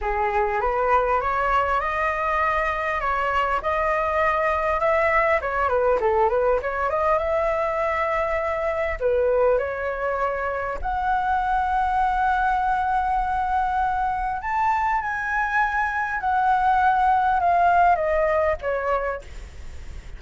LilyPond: \new Staff \with { instrumentName = "flute" } { \time 4/4 \tempo 4 = 100 gis'4 b'4 cis''4 dis''4~ | dis''4 cis''4 dis''2 | e''4 cis''8 b'8 a'8 b'8 cis''8 dis''8 | e''2. b'4 |
cis''2 fis''2~ | fis''1 | a''4 gis''2 fis''4~ | fis''4 f''4 dis''4 cis''4 | }